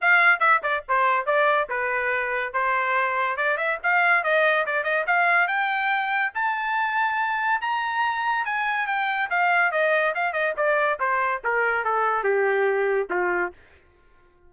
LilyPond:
\new Staff \with { instrumentName = "trumpet" } { \time 4/4 \tempo 4 = 142 f''4 e''8 d''8 c''4 d''4 | b'2 c''2 | d''8 e''8 f''4 dis''4 d''8 dis''8 | f''4 g''2 a''4~ |
a''2 ais''2 | gis''4 g''4 f''4 dis''4 | f''8 dis''8 d''4 c''4 ais'4 | a'4 g'2 f'4 | }